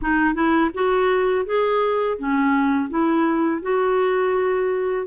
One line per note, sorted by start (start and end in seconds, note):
0.01 0.34 D#4
0.34 0.70 E4
0.74 1.45 F#4
1.45 2.18 G#4
2.18 2.89 C#4
2.89 3.61 E4
3.62 5.06 F#4